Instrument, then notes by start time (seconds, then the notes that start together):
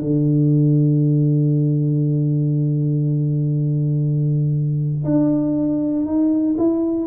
tuba
0.00 D3
5.05 D4
6.06 D#4
6.58 E4